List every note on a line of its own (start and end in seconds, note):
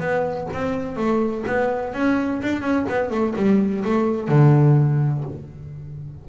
0.00 0.48 B3
0.53 0.96 C4
0.96 1.44 A3
1.47 1.94 B3
1.94 2.41 C#4
2.42 2.62 D4
2.62 2.85 C#4
2.89 3.10 B3
3.10 3.34 A3
3.36 3.84 G3
3.85 4.29 A3
4.29 5.24 D3